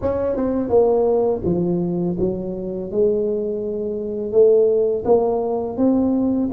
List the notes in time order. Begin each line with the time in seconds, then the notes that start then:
0.01 C#4
0.35 C4
0.69 A#3
1.45 F3
2.19 F#3
2.91 G#3
4.31 A3
5.04 A#3
5.77 C4